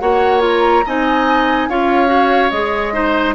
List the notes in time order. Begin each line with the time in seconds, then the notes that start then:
0.00 A#3 F#4 C#5 F#5
0.41 F4 A#5
0.86 C4 D#4 D#5 G#5
1.68 C#4 F4 C#5 F5
2.08 F#4
2.51 G#3 G#4 D#5
2.94 D#4 C5